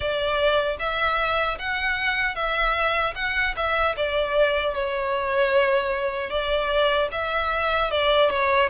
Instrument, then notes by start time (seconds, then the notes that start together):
violin
0.00 D5
0.79 E5
1.58 F#5
2.35 E5
3.15 F#5
3.56 E5
3.96 D5
4.74 C#5
6.29 D5
7.11 E5
7.90 D5
8.30 C#5